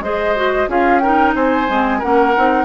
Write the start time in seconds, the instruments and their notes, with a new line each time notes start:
0.00 bassoon G#3, clarinet G#4, oboe C5, flute D#5
0.35 clarinet F#4
0.67 bassoon C#4, clarinet F4, oboe G#4, flute F5
0.99 clarinet D#4, oboe A#4, flute G5
1.35 bassoon C4, oboe C5, flute G#5
1.69 bassoon G#3, clarinet C4
1.98 bassoon A#3, clarinet C#4, oboe A#4, flute F#5
2.36 bassoon C4, clarinet D#4